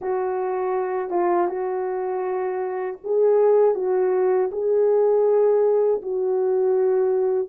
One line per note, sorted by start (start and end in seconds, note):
0.01 1.10 F#4
1.10 1.47 F4
1.47 2.97 F#4
3.04 3.75 G#4
3.75 4.50 F#4
4.51 6.01 G#4
6.02 7.48 F#4